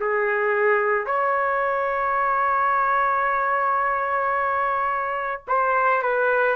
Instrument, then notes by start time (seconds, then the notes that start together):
trumpet
0.00 G#4
1.06 C#5
5.47 C5
6.02 B4